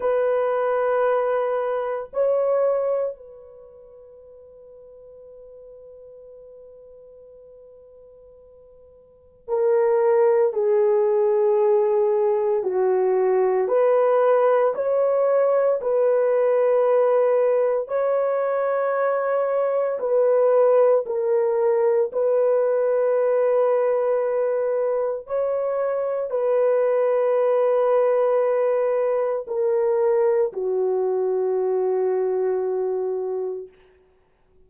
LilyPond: \new Staff \with { instrumentName = "horn" } { \time 4/4 \tempo 4 = 57 b'2 cis''4 b'4~ | b'1~ | b'4 ais'4 gis'2 | fis'4 b'4 cis''4 b'4~ |
b'4 cis''2 b'4 | ais'4 b'2. | cis''4 b'2. | ais'4 fis'2. | }